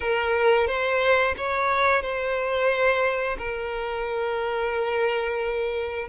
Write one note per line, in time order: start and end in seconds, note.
0.00 0.67 A#4
0.67 1.34 C5
1.37 2.01 C#5
2.01 3.36 C5
3.38 6.07 A#4